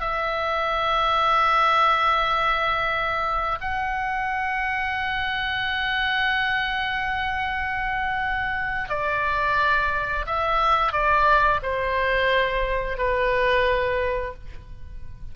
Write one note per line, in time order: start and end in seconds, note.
0.00 3.58 E5
3.60 8.89 F#5
8.89 10.25 D5
10.26 10.92 E5
10.92 11.60 D5
11.62 12.97 C5
12.97 14.34 B4